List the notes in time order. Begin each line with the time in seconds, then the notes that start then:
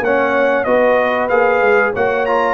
0.00 A#3 C#4 C#5 F#5
0.64 B3 F#4 B4 D#5
1.29 A#3 G#4 F5
1.61 G#3
1.93 A#3 F#4 C#5 F#5
2.26 F4 A#5